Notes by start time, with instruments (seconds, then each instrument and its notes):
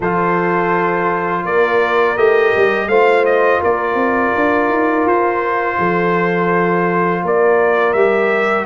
0.00 tuba F3, trombone F4, horn A4, trumpet C5
1.44 tuba A#3, horn A#4, trumpet D5
2.16 tuba A3, trombone G4, trumpet D#5
2.56 tuba G3
2.87 tuba A3, trombone F4, horn C5, trumpet F5
3.25 trumpet D#5
3.60 tuba A#3, horn A#4, trumpet D5
3.94 tuba C4
4.35 tuba D4
4.69 tuba D#4
5.05 tuba F4, trumpet C5
5.78 tuba F3, horn A4
7.23 tuba A#3, horn A#4, trumpet D5
7.93 tuba G3, trombone G4, trumpet E5